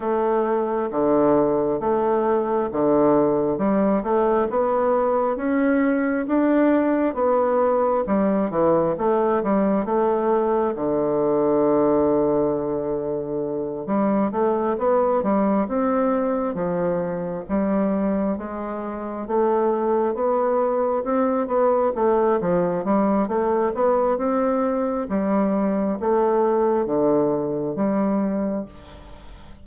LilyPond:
\new Staff \with { instrumentName = "bassoon" } { \time 4/4 \tempo 4 = 67 a4 d4 a4 d4 | g8 a8 b4 cis'4 d'4 | b4 g8 e8 a8 g8 a4 | d2.~ d8 g8 |
a8 b8 g8 c'4 f4 g8~ | g8 gis4 a4 b4 c'8 | b8 a8 f8 g8 a8 b8 c'4 | g4 a4 d4 g4 | }